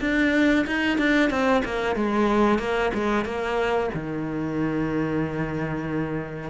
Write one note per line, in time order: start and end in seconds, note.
0.00 0.65 D4
0.66 0.98 D#4
0.98 1.30 D4
1.30 1.62 C4
1.65 1.95 A#3
1.95 2.58 G#3
2.58 2.91 A#3
2.93 3.24 G#3
3.24 3.90 A#3
3.94 6.50 D#3